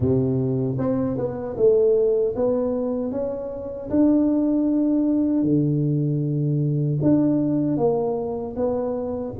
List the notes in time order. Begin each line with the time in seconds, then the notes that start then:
0.00 C3
0.78 C4
1.17 B3
1.56 A3
2.35 B3
3.11 C#4
3.90 D4
5.43 D3
7.02 D4
7.77 A#3
8.55 B3